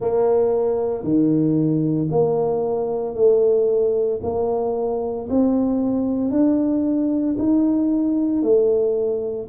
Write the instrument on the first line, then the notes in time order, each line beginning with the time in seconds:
tuba
0.00 A#3
1.03 D#3
2.11 A#3
3.14 A3
4.22 A#3
5.29 C4
6.31 D4
7.38 D#4
8.42 A3